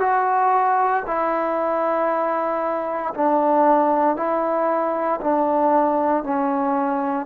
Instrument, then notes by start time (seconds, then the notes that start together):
trombone
0.00 F#4
1.07 E4
3.15 D4
4.17 E4
5.21 D4
6.24 C#4